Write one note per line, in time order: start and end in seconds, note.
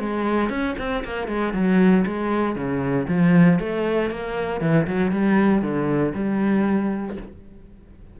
0.00 0.50 G#3
0.50 0.76 C#4
0.79 1.04 C4
1.05 1.28 A#3
1.28 1.53 G#3
1.54 2.05 F#3
2.06 2.56 G#3
2.56 3.07 C#3
3.08 3.60 F3
3.60 4.10 A3
4.10 4.61 A#3
4.61 4.87 E3
4.87 5.12 F#3
5.12 5.62 G3
5.62 6.14 D3
6.15 7.17 G3